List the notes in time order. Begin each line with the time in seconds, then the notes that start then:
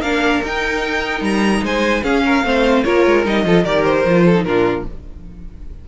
0.00 A#3 D4 A#4 F5
0.43 D#4 G5
1.21 G3 A#5
1.63 G#3 C5 G#5
2.03 C#4 G#4 F5
2.26 A#4
2.44 A3 C4 C5
2.83 A#3 F4 A#4 C#5
3.06 G#3
3.25 G3 D#4 D#5
3.44 F3 F4 A4
3.64 D#3 G4 A#4 D5
3.84 C5
4.05 F3 F4
4.25 A4
4.35 D#4
4.44 A#2 D4 F4 A#4